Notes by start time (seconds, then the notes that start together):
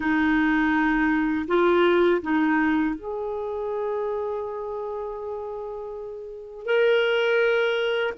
0.00 D#4
1.47 F4
2.22 D#4
2.95 G#4
6.65 A#4